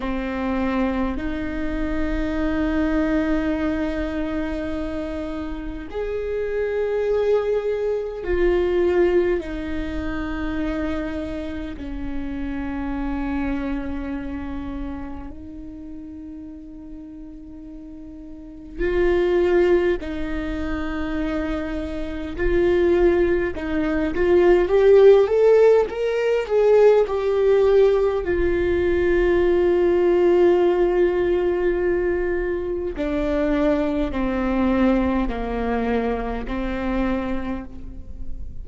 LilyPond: \new Staff \with { instrumentName = "viola" } { \time 4/4 \tempo 4 = 51 c'4 dis'2.~ | dis'4 gis'2 f'4 | dis'2 cis'2~ | cis'4 dis'2. |
f'4 dis'2 f'4 | dis'8 f'8 g'8 a'8 ais'8 gis'8 g'4 | f'1 | d'4 c'4 ais4 c'4 | }